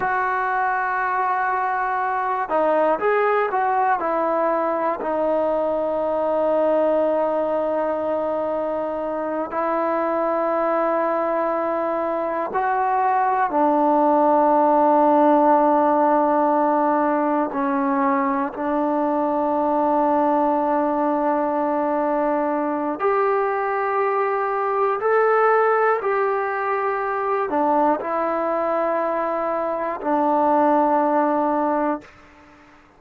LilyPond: \new Staff \with { instrumentName = "trombone" } { \time 4/4 \tempo 4 = 60 fis'2~ fis'8 dis'8 gis'8 fis'8 | e'4 dis'2.~ | dis'4. e'2~ e'8~ | e'8 fis'4 d'2~ d'8~ |
d'4. cis'4 d'4.~ | d'2. g'4~ | g'4 a'4 g'4. d'8 | e'2 d'2 | }